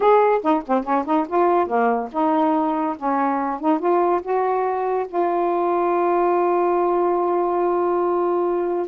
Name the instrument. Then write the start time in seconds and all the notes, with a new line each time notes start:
saxophone
0.00 G#4
0.41 D#4
0.66 C4
0.83 C#4
1.05 D#4
1.28 F4
1.67 A#3
2.11 D#4
2.96 C#4
3.60 D#4
3.79 F4
4.22 F#4
5.08 F4